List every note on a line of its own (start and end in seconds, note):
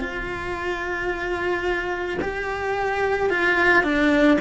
0.00 2.18 F4
2.21 3.30 G4
3.30 3.83 F4
3.83 4.38 D4